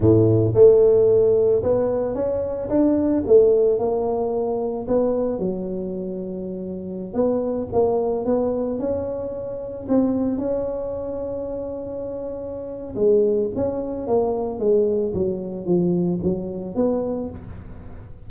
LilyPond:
\new Staff \with { instrumentName = "tuba" } { \time 4/4 \tempo 4 = 111 a,4 a2 b4 | cis'4 d'4 a4 ais4~ | ais4 b4 fis2~ | fis4~ fis16 b4 ais4 b8.~ |
b16 cis'2 c'4 cis'8.~ | cis'1 | gis4 cis'4 ais4 gis4 | fis4 f4 fis4 b4 | }